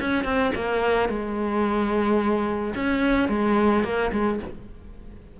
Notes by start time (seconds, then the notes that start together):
0.00 C#4
0.24 C4
0.55 A#3
1.09 G#3
2.75 C#4
3.29 G#3
3.84 A#3
4.12 G#3